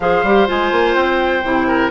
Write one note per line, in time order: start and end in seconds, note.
0.00 0.23 F3
0.00 0.25 G#4
0.00 1.67 C5
0.00 0.48 F5
0.23 0.47 G3
0.23 0.47 G4
0.47 0.71 G#3
0.47 1.43 F4
0.47 0.94 G#5
0.71 0.95 A#3
0.94 1.43 C4
0.94 1.90 G5
1.43 1.91 C3
1.43 1.91 E4
1.67 1.91 A#4